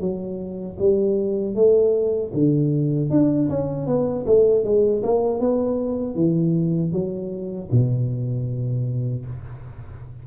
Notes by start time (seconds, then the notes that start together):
0.00 F#3
0.79 G3
1.55 A3
2.33 D3
3.10 D4
3.49 C#4
3.87 B3
4.26 A3
4.64 G#3
5.03 A#3
5.40 B3
6.15 E3
6.92 F#3
7.71 B2